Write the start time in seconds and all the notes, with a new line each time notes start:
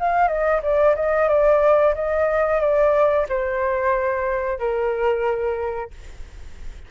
0.00 F5
0.28 D#5
0.63 D5
0.96 D#5
1.29 D5
1.95 D#5
2.61 D5
3.29 C5
4.59 A#4